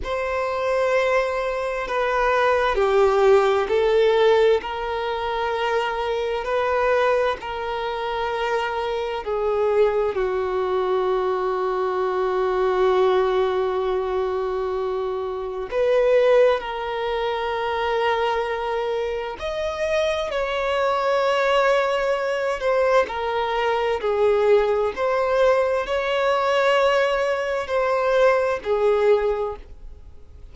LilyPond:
\new Staff \with { instrumentName = "violin" } { \time 4/4 \tempo 4 = 65 c''2 b'4 g'4 | a'4 ais'2 b'4 | ais'2 gis'4 fis'4~ | fis'1~ |
fis'4 b'4 ais'2~ | ais'4 dis''4 cis''2~ | cis''8 c''8 ais'4 gis'4 c''4 | cis''2 c''4 gis'4 | }